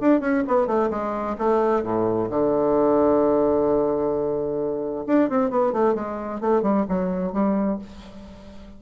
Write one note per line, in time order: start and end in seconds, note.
0.00 0.20 D4
0.20 0.43 C#4
0.47 0.67 B3
0.67 0.90 A3
0.90 1.36 G#3
1.38 1.83 A3
1.83 2.29 A2
2.30 5.04 D3
5.06 5.29 D4
5.29 5.50 C4
5.50 5.72 B3
5.72 5.94 A3
5.94 6.40 G#3
6.41 6.62 A3
6.62 6.85 G3
6.88 7.33 F#3
7.33 7.78 G3